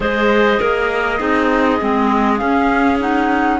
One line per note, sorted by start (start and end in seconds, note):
0.00 0.59 G#3
0.00 1.18 G#4
0.00 0.60 C5
0.00 2.37 D#5
0.60 1.20 A#3
0.60 1.18 A#4
1.18 1.80 C4
1.18 1.79 D#4
1.18 3.58 G#4
1.80 2.41 G#3
1.80 2.37 C4
2.37 2.96 C#4
2.37 3.59 C#4
2.37 2.97 F5
3.00 3.59 D#4
3.00 3.59 F#5